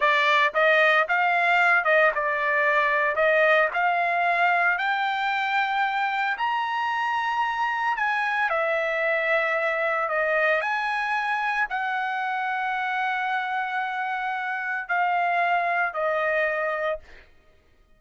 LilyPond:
\new Staff \with { instrumentName = "trumpet" } { \time 4/4 \tempo 4 = 113 d''4 dis''4 f''4. dis''8 | d''2 dis''4 f''4~ | f''4 g''2. | ais''2. gis''4 |
e''2. dis''4 | gis''2 fis''2~ | fis''1 | f''2 dis''2 | }